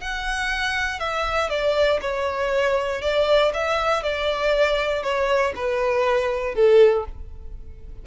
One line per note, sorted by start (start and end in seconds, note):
0.00 0.99 F#5
0.99 1.49 E5
1.49 2.00 D5
2.01 3.01 C#5
3.01 3.52 D5
3.53 4.02 E5
4.02 5.02 D5
5.02 5.53 C#5
5.55 6.54 B4
6.54 7.05 A4